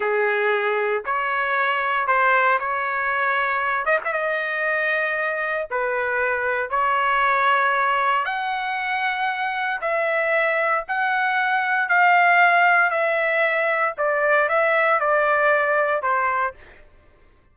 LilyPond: \new Staff \with { instrumentName = "trumpet" } { \time 4/4 \tempo 4 = 116 gis'2 cis''2 | c''4 cis''2~ cis''8 dis''16 e''16 | dis''2. b'4~ | b'4 cis''2. |
fis''2. e''4~ | e''4 fis''2 f''4~ | f''4 e''2 d''4 | e''4 d''2 c''4 | }